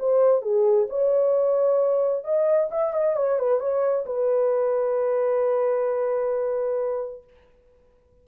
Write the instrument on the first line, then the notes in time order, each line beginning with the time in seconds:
horn
0.00 C5
0.42 G#4
0.90 C#5
2.25 D#5
2.72 E5
2.94 D#5
3.17 C#5
3.39 B4
3.60 C#5
4.06 B4